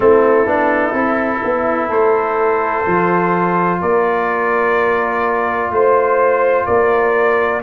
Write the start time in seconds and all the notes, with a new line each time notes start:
0.00 A3 C4 E4 A4
0.45 B3 D4
0.92 C4 E4
1.44 B3
1.87 A3 A4 C5
2.85 F3 F4
3.81 A#3 A#4 D5
5.71 A3 C5
6.66 A#3 A#4 D5